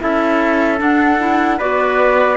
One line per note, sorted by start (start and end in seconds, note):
0.00 0.81 C#4
0.00 0.78 E4
0.00 1.58 A4
0.00 0.80 E5
0.78 1.17 D4
0.78 1.60 D4
0.78 1.60 F#5
1.19 1.58 E4
1.58 2.36 B3
1.58 2.36 F#4
1.58 2.36 B4
1.58 2.36 D5